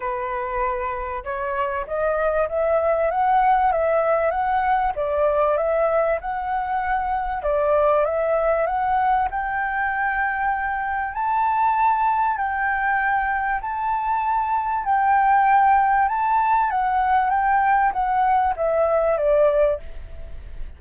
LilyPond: \new Staff \with { instrumentName = "flute" } { \time 4/4 \tempo 4 = 97 b'2 cis''4 dis''4 | e''4 fis''4 e''4 fis''4 | d''4 e''4 fis''2 | d''4 e''4 fis''4 g''4~ |
g''2 a''2 | g''2 a''2 | g''2 a''4 fis''4 | g''4 fis''4 e''4 d''4 | }